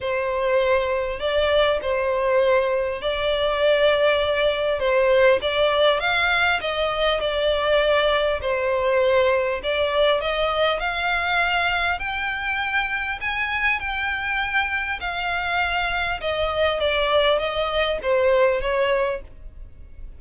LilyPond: \new Staff \with { instrumentName = "violin" } { \time 4/4 \tempo 4 = 100 c''2 d''4 c''4~ | c''4 d''2. | c''4 d''4 f''4 dis''4 | d''2 c''2 |
d''4 dis''4 f''2 | g''2 gis''4 g''4~ | g''4 f''2 dis''4 | d''4 dis''4 c''4 cis''4 | }